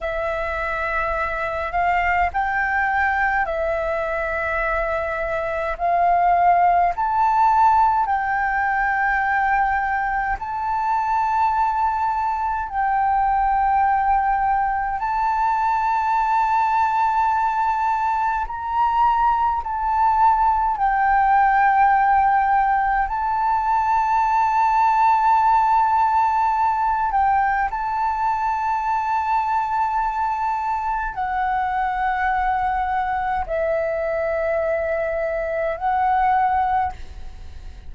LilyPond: \new Staff \with { instrumentName = "flute" } { \time 4/4 \tempo 4 = 52 e''4. f''8 g''4 e''4~ | e''4 f''4 a''4 g''4~ | g''4 a''2 g''4~ | g''4 a''2. |
ais''4 a''4 g''2 | a''2.~ a''8 g''8 | a''2. fis''4~ | fis''4 e''2 fis''4 | }